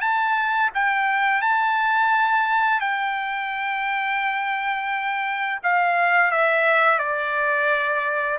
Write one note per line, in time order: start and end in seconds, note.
0.00 0.70 A5
0.74 1.41 G5
1.41 2.80 A5
2.80 5.59 G5
5.63 6.31 F5
6.31 6.98 E5
6.98 8.38 D5